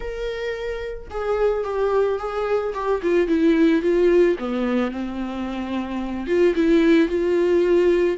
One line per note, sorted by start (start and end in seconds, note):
0.00 1.08 A#4
1.10 1.64 G#4
1.64 2.18 G4
2.18 2.73 G#4
2.73 3.01 G4
3.02 3.27 F4
3.27 3.82 E4
3.82 4.36 F4
4.38 4.91 B3
4.91 6.26 C4
6.26 6.54 F4
6.55 7.08 E4
7.08 8.17 F4